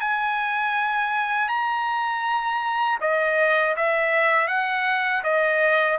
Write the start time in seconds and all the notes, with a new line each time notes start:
0.00 G#5
1.48 A#5
3.00 D#5
3.76 E5
4.47 F#5
5.23 D#5